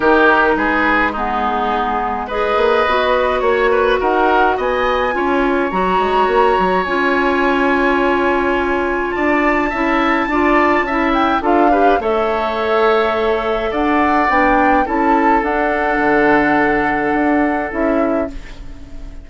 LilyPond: <<
  \new Staff \with { instrumentName = "flute" } { \time 4/4 \tempo 4 = 105 ais'4 b'4 gis'2 | dis''2 cis''4 fis''4 | gis''2 ais''2 | gis''1 |
a''2.~ a''8 g''8 | f''4 e''2. | fis''4 g''4 a''4 fis''4~ | fis''2. e''4 | }
  \new Staff \with { instrumentName = "oboe" } { \time 4/4 g'4 gis'4 dis'2 | b'2 cis''8 b'8 ais'4 | dis''4 cis''2.~ | cis''1 |
d''4 e''4 d''4 e''4 | a'8 b'8 cis''2. | d''2 a'2~ | a'1 | }
  \new Staff \with { instrumentName = "clarinet" } { \time 4/4 dis'2 b2 | gis'4 fis'2.~ | fis'4 f'4 fis'2 | f'1~ |
f'4 e'4 f'4 e'4 | f'8 g'8 a'2.~ | a'4 d'4 e'4 d'4~ | d'2. e'4 | }
  \new Staff \with { instrumentName = "bassoon" } { \time 4/4 dis4 gis2.~ | gis8 ais8 b4 ais4 dis'4 | b4 cis'4 fis8 gis8 ais8 fis8 | cis'1 |
d'4 cis'4 d'4 cis'4 | d'4 a2. | d'4 b4 cis'4 d'4 | d2 d'4 cis'4 | }
>>